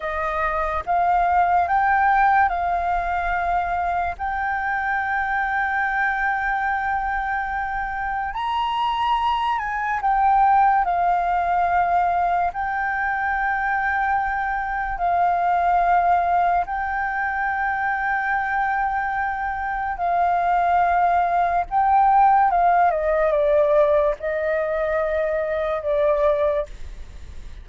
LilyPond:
\new Staff \with { instrumentName = "flute" } { \time 4/4 \tempo 4 = 72 dis''4 f''4 g''4 f''4~ | f''4 g''2.~ | g''2 ais''4. gis''8 | g''4 f''2 g''4~ |
g''2 f''2 | g''1 | f''2 g''4 f''8 dis''8 | d''4 dis''2 d''4 | }